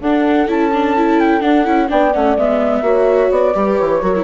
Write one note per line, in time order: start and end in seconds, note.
0.00 0.47 D4
0.00 0.48 D4
0.00 1.89 A4
0.00 0.48 F#5
0.47 1.42 C#4
0.47 0.71 E4
0.47 1.19 A5
0.73 0.96 D4
0.96 1.40 E4
1.19 1.41 G5
1.40 1.64 D4
1.40 1.65 D4
1.40 1.88 F#5
1.64 1.89 C#4
1.64 1.88 E4
1.88 2.14 B3
1.88 2.12 D4
1.88 2.84 D5
1.88 2.13 G5
2.13 2.36 A3
2.13 2.37 C#4
2.13 2.37 F#5
2.36 2.81 G#3
2.36 2.83 B3
2.36 3.31 E5
2.81 3.28 A#3
2.81 3.54 F#4
2.81 3.55 C#5
3.31 3.54 B3
3.31 3.78 D5
3.54 3.78 G3
3.54 4.01 G4
3.54 4.01 B4
3.78 4.02 E3
3.78 4.24 C#5
4.01 4.24 F#3
4.01 4.13 F#4
4.01 4.24 A#4
4.16 4.24 E4